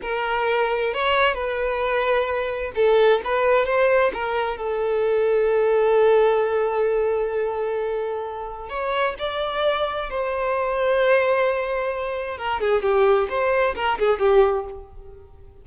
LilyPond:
\new Staff \with { instrumentName = "violin" } { \time 4/4 \tempo 4 = 131 ais'2 cis''4 b'4~ | b'2 a'4 b'4 | c''4 ais'4 a'2~ | a'1~ |
a'2. cis''4 | d''2 c''2~ | c''2. ais'8 gis'8 | g'4 c''4 ais'8 gis'8 g'4 | }